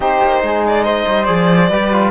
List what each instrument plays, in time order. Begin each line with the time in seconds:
0.00 cello C4, trombone D#4, flute G4, violin C5
0.22 cello A#3
0.41 cello G#3, flute G#4
0.66 violin D5
0.83 flute C5, violin D#5
1.07 cello G3
1.24 cello F3, trombone G#4, violin D5
1.69 cello G3, trombone G4, flute B4
1.92 trombone F4